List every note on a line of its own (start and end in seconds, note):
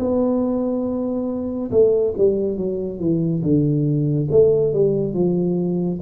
0.00 1.71 B3
1.71 2.14 A3
2.18 2.58 G3
2.58 3.00 F#3
3.00 3.43 E3
3.43 4.29 D3
4.32 4.74 A3
4.74 5.14 G3
5.14 6.00 F3